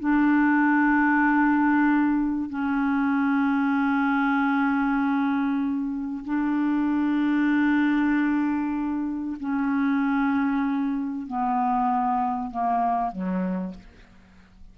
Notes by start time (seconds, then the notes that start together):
0.00 D4
2.49 C#4
6.25 D4
9.40 C#4
11.27 B3
12.51 A#3
13.12 F#3